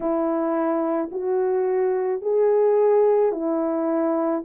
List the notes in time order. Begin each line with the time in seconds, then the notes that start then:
0.00 E4
1.11 F#4
2.21 G#4
3.32 E4